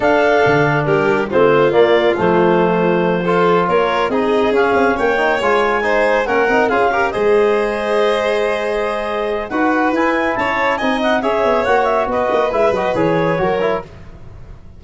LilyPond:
<<
  \new Staff \with { instrumentName = "clarinet" } { \time 4/4 \tempo 4 = 139 f''2 ais'4 c''4 | d''4 c''2.~ | c''8 cis''4 dis''4 f''4 g''8~ | g''8 gis''2 fis''4 f''8~ |
f''8 dis''2.~ dis''8~ | dis''2 fis''4 gis''4 | a''4 gis''8 fis''8 e''4 fis''8 e''8 | dis''4 e''8 dis''8 cis''2 | }
  \new Staff \with { instrumentName = "violin" } { \time 4/4 a'2 g'4 f'4~ | f'2.~ f'8 a'8~ | a'8 ais'4 gis'2 cis''8~ | cis''4. c''4 ais'4 gis'8 |
ais'8 c''2.~ c''8~ | c''2 b'2 | cis''4 dis''4 cis''2 | b'2. ais'4 | }
  \new Staff \with { instrumentName = "trombone" } { \time 4/4 d'2. c'4 | ais4 a2~ a8 f'8~ | f'4. dis'4 cis'4. | dis'8 f'4 dis'4 cis'8 dis'8 f'8 |
g'8 gis'2.~ gis'8~ | gis'2 fis'4 e'4~ | e'4 dis'4 gis'4 fis'4~ | fis'4 e'8 fis'8 gis'4 fis'8 e'8 | }
  \new Staff \with { instrumentName = "tuba" } { \time 4/4 d'4 d4 g4 a4 | ais4 f2.~ | f8 ais4 c'4 cis'8 c'8 ais8~ | ais8 gis2 ais8 c'8 cis'8~ |
cis'8 gis2.~ gis8~ | gis2 dis'4 e'4 | cis'4 c'4 cis'8 b8 ais4 | b8 ais8 gis8 fis8 e4 fis4 | }
>>